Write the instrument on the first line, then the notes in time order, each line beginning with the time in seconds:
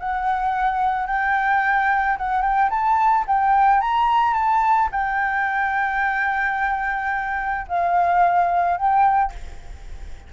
flute
0.00 F#5
1.07 G5
2.18 F#5
2.42 G5
2.70 A5
3.28 G5
3.81 A#5
4.34 A5
4.92 G5
7.69 F5
8.77 G5